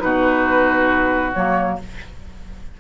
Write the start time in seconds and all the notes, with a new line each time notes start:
0.00 B2 D#4 F#4 B4
1.34 F#3 A#3 C#5